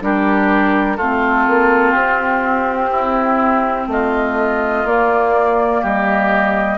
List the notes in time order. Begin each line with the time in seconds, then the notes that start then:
0.00 G3 D4 G4 A#4
0.97 A3 C4 F4 A4
1.48 A#3
1.92 C4 G4
2.91 E4
3.87 A3 F4 D#5
4.85 A#3 D5
5.81 G3 G4 D#5